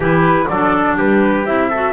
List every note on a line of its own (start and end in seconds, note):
0.00 0.46 E3
0.00 0.49 E4
0.00 0.48 G4
0.00 0.47 B4
0.47 0.98 F#3
0.47 1.46 D4
0.47 0.97 A4
0.47 0.96 D5
0.97 1.44 G3
0.97 1.69 G4
0.97 1.45 B4
1.44 1.93 C4
1.44 1.70 E4
1.44 1.93 E5
1.69 1.93 F#4
1.69 1.93 A4